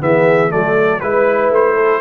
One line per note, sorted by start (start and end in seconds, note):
0.00 0.52 E3
0.00 0.49 B3
0.00 0.53 G#4
0.00 0.51 E5
0.49 1.02 F#3
0.49 0.99 A3
0.49 1.01 A4
0.49 1.00 D5
1.00 1.50 G#3
1.00 2.00 E4
1.00 1.51 B4
1.00 1.75 B4
1.50 2.00 A3
1.50 2.00 C5
1.75 2.00 A4